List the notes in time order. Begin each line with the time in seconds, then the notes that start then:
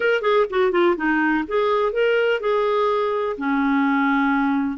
0.00 A#4
0.21 G#4
0.50 F#4
0.71 F4
0.96 D#4
1.47 G#4
1.92 A#4
2.40 G#4
3.37 C#4